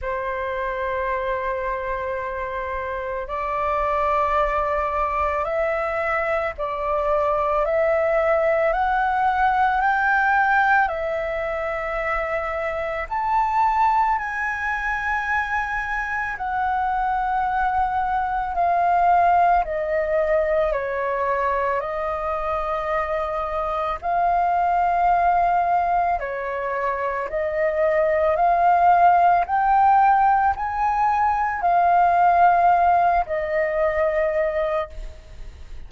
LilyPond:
\new Staff \with { instrumentName = "flute" } { \time 4/4 \tempo 4 = 55 c''2. d''4~ | d''4 e''4 d''4 e''4 | fis''4 g''4 e''2 | a''4 gis''2 fis''4~ |
fis''4 f''4 dis''4 cis''4 | dis''2 f''2 | cis''4 dis''4 f''4 g''4 | gis''4 f''4. dis''4. | }